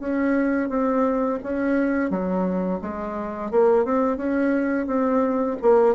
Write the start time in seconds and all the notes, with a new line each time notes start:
0.00 C#4
0.70 C4
1.44 C#4
2.11 F#3
2.82 G#3
3.52 A#3
3.85 C4
4.18 C#4
4.87 C4
5.62 A#3